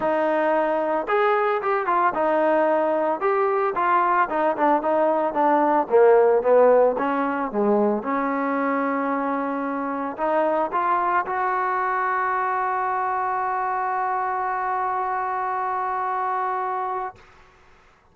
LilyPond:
\new Staff \with { instrumentName = "trombone" } { \time 4/4 \tempo 4 = 112 dis'2 gis'4 g'8 f'8 | dis'2 g'4 f'4 | dis'8 d'8 dis'4 d'4 ais4 | b4 cis'4 gis4 cis'4~ |
cis'2. dis'4 | f'4 fis'2.~ | fis'1~ | fis'1 | }